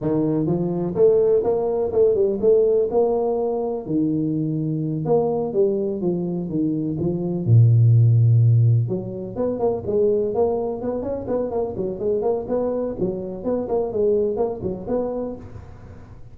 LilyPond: \new Staff \with { instrumentName = "tuba" } { \time 4/4 \tempo 4 = 125 dis4 f4 a4 ais4 | a8 g8 a4 ais2 | dis2~ dis8 ais4 g8~ | g8 f4 dis4 f4 ais,8~ |
ais,2~ ais,8 fis4 b8 | ais8 gis4 ais4 b8 cis'8 b8 | ais8 fis8 gis8 ais8 b4 fis4 | b8 ais8 gis4 ais8 fis8 b4 | }